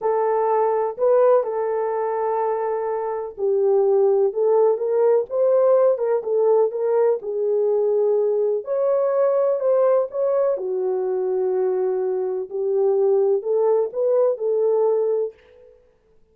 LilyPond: \new Staff \with { instrumentName = "horn" } { \time 4/4 \tempo 4 = 125 a'2 b'4 a'4~ | a'2. g'4~ | g'4 a'4 ais'4 c''4~ | c''8 ais'8 a'4 ais'4 gis'4~ |
gis'2 cis''2 | c''4 cis''4 fis'2~ | fis'2 g'2 | a'4 b'4 a'2 | }